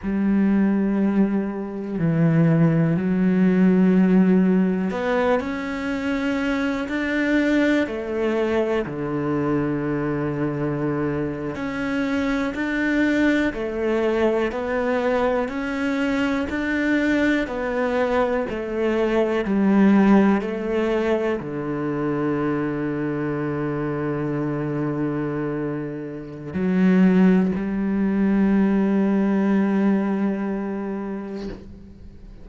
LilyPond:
\new Staff \with { instrumentName = "cello" } { \time 4/4 \tempo 4 = 61 g2 e4 fis4~ | fis4 b8 cis'4. d'4 | a4 d2~ d8. cis'16~ | cis'8. d'4 a4 b4 cis'16~ |
cis'8. d'4 b4 a4 g16~ | g8. a4 d2~ d16~ | d2. fis4 | g1 | }